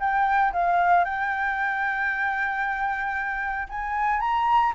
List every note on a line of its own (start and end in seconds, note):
0.00 0.53 G5
0.53 1.05 F5
1.05 3.68 G5
3.69 4.21 G#5
4.21 4.73 A#5